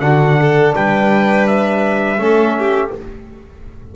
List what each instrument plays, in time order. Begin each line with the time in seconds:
0.00 double bass D3, trombone D4, violin F#4, trumpet F#5
0.41 violin A4
0.75 double bass G3, violin B4, trumpet G5
1.47 trumpet E5
2.18 double bass A3, trombone C#4, violin A4
2.59 violin G4